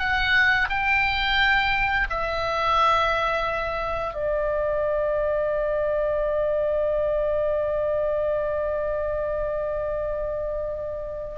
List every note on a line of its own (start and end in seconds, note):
0.00 0.69 F#5
0.70 2.08 G5
2.10 4.14 E5
4.14 11.38 D5